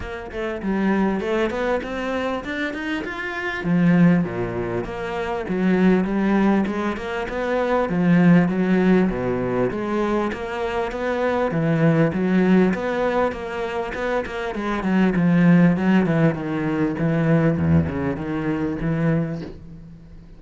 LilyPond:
\new Staff \with { instrumentName = "cello" } { \time 4/4 \tempo 4 = 99 ais8 a8 g4 a8 b8 c'4 | d'8 dis'8 f'4 f4 ais,4 | ais4 fis4 g4 gis8 ais8 | b4 f4 fis4 b,4 |
gis4 ais4 b4 e4 | fis4 b4 ais4 b8 ais8 | gis8 fis8 f4 fis8 e8 dis4 | e4 e,8 cis8 dis4 e4 | }